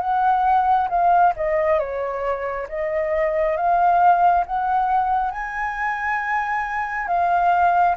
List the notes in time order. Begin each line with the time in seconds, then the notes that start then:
0.00 F#5
0.89 F5
1.36 D#5
1.79 C#5
2.68 D#5
3.57 F5
4.46 F#5
5.31 G#5
7.07 F5